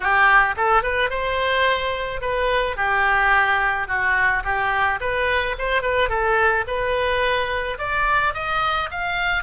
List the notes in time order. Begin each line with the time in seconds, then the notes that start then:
0.00 G4
0.56 A4
0.83 B4
1.10 C5
2.21 B4
2.76 G4
3.87 F#4
4.44 G4
5.00 B4
5.58 C5
5.82 B4
6.09 A4
6.67 B4
7.78 D5
8.34 D#5
8.90 F5